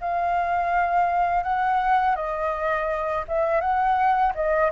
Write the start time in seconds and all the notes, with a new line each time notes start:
0.00 F5
1.43 F#5
2.15 D#5
3.28 E5
3.60 F#5
4.34 D#5